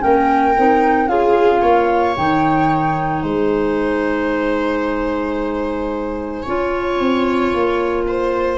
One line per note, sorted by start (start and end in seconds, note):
0.00 0.58 A#3
0.00 0.54 C#4
0.00 1.10 A#4
0.00 1.08 G5
0.58 1.08 C4
0.58 1.08 D#4
1.08 1.62 C#4
1.08 2.16 F4
1.08 1.62 G#4
1.08 2.15 F5
1.62 2.16 A#3
1.62 3.23 C#5
2.16 3.23 D#3
2.16 6.45 D#4
2.16 3.22 G5
3.22 6.45 G#3
3.22 6.43 C5
3.22 8.58 G#5
6.43 7.00 C#4
6.43 8.58 F4
6.43 8.04 C#5
7.00 7.53 C4
7.54 8.58 A#3
8.07 8.58 C5